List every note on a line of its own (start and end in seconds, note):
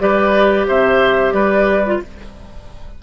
0.00 0.67 G3
0.00 1.84 G4
0.00 0.68 B4
0.00 0.67 D5
0.68 1.33 C3
0.68 1.34 C5
0.68 1.33 E5
1.33 2.00 G3
1.33 2.01 B4
1.33 2.00 D5
1.86 2.03 F4